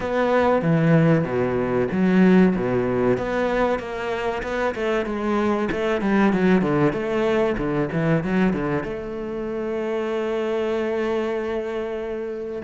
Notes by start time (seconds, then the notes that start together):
0.00 B3
0.61 E3
1.24 B2
1.91 F#3
2.55 B2
3.17 B3
3.79 A#3
4.42 B3
4.74 A3
5.05 G#3
5.71 A3
6.01 G3
6.32 F#3
6.61 D3
6.92 A3
7.57 D3
7.92 E3
8.23 F#3
8.53 D3
8.83 A3